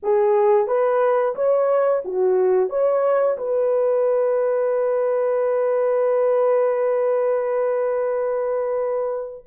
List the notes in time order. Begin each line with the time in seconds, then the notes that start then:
0.02 G#4
0.67 B4
1.35 C#5
2.04 F#4
2.69 C#5
3.37 B4